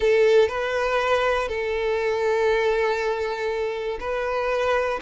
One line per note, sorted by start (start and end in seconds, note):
0.00 0.48 A4
0.48 1.48 B4
1.48 3.98 A4
4.00 5.00 B4